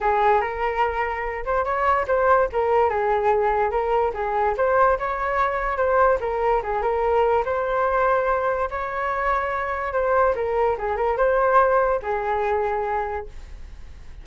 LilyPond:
\new Staff \with { instrumentName = "flute" } { \time 4/4 \tempo 4 = 145 gis'4 ais'2~ ais'8 c''8 | cis''4 c''4 ais'4 gis'4~ | gis'4 ais'4 gis'4 c''4 | cis''2 c''4 ais'4 |
gis'8 ais'4. c''2~ | c''4 cis''2. | c''4 ais'4 gis'8 ais'8 c''4~ | c''4 gis'2. | }